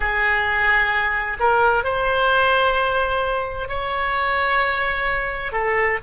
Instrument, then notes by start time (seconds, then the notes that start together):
oboe
0.00 G#4
1.39 A#4
1.84 C5
3.68 C#5
5.52 A4